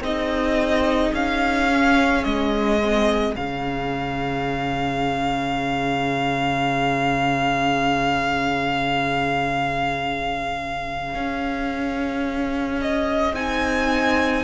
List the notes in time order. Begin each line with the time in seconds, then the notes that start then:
0.00 C4 D#4 G#4 D#5
1.12 C#4 F5
1.69 C#4
2.23 G#3 D#5
2.81 C4
3.35 C#3 C#4 F5
11.14 C#4
12.81 D#5
13.33 C4 D#4 G#5